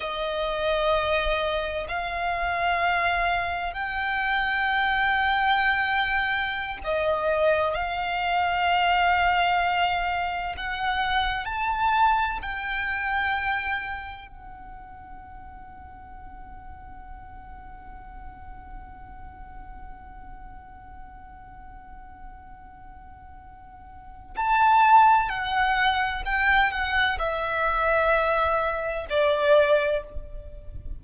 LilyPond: \new Staff \with { instrumentName = "violin" } { \time 4/4 \tempo 4 = 64 dis''2 f''2 | g''2.~ g''16 dis''8.~ | dis''16 f''2. fis''8.~ | fis''16 a''4 g''2 fis''8.~ |
fis''1~ | fis''1~ | fis''2 a''4 fis''4 | g''8 fis''8 e''2 d''4 | }